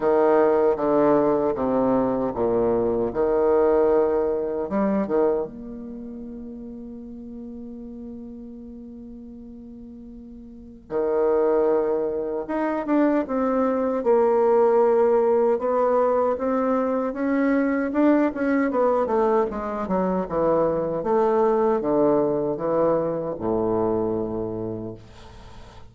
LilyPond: \new Staff \with { instrumentName = "bassoon" } { \time 4/4 \tempo 4 = 77 dis4 d4 c4 ais,4 | dis2 g8 dis8 ais4~ | ais1~ | ais2 dis2 |
dis'8 d'8 c'4 ais2 | b4 c'4 cis'4 d'8 cis'8 | b8 a8 gis8 fis8 e4 a4 | d4 e4 a,2 | }